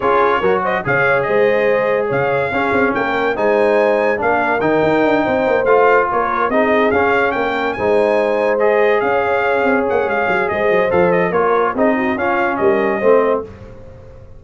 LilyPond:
<<
  \new Staff \with { instrumentName = "trumpet" } { \time 4/4 \tempo 4 = 143 cis''4. dis''8 f''4 dis''4~ | dis''4 f''2 g''4 | gis''2 f''4 g''4~ | g''4. f''4 cis''4 dis''8~ |
dis''8 f''4 g''4 gis''4.~ | gis''8 dis''4 f''2 fis''8 | f''4 dis''4 f''8 dis''8 cis''4 | dis''4 f''4 dis''2 | }
  \new Staff \with { instrumentName = "horn" } { \time 4/4 gis'4 ais'8 c''8 cis''4 c''4~ | c''4 cis''4 gis'4 ais'4 | c''2 ais'2~ | ais'8 c''2 ais'4 gis'8~ |
gis'4. ais'4 c''4.~ | c''4. cis''2~ cis''8~ | cis''4 c''2 ais'4 | gis'8 fis'8 f'4 ais'4 c''4 | }
  \new Staff \with { instrumentName = "trombone" } { \time 4/4 f'4 fis'4 gis'2~ | gis'2 cis'2 | dis'2 d'4 dis'4~ | dis'4. f'2 dis'8~ |
dis'8 cis'2 dis'4.~ | dis'8 gis'2.~ gis'8~ | gis'2 a'4 f'4 | dis'4 cis'2 c'4 | }
  \new Staff \with { instrumentName = "tuba" } { \time 4/4 cis'4 fis4 cis4 gis4~ | gis4 cis4 cis'8 c'8 ais4 | gis2 ais4 dis8 dis'8 | d'8 c'8 ais8 a4 ais4 c'8~ |
c'8 cis'4 ais4 gis4.~ | gis4. cis'4. c'8 ais8 | gis8 fis8 gis8 fis8 f4 ais4 | c'4 cis'4 g4 a4 | }
>>